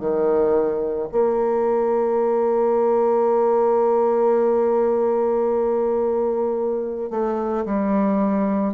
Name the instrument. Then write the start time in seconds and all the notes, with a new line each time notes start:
bassoon
0.00 D#3
1.12 A#3
7.11 A3
7.66 G3